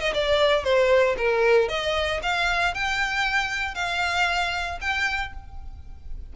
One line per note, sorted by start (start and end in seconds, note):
0.00 0.13 D#5
0.14 0.64 D5
0.64 1.16 C5
1.17 1.68 A#4
1.68 2.20 D#5
2.22 2.74 F5
2.74 3.74 G5
3.74 4.79 F5
4.81 5.33 G5